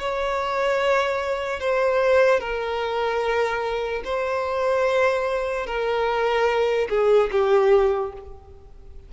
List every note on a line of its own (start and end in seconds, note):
0.00 1.60 C#5
1.60 2.40 C5
2.40 4.02 A#4
4.05 5.67 C5
5.67 6.88 A#4
6.90 7.30 G#4
7.32 8.13 G4